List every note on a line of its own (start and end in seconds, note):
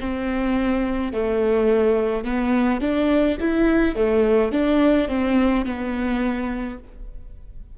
0.00 1.13 C4
1.13 2.24 A3
2.24 2.81 B3
2.81 3.38 D4
3.41 3.96 E4
3.96 4.52 A3
4.52 5.08 D4
5.08 5.65 C4
5.65 6.78 B3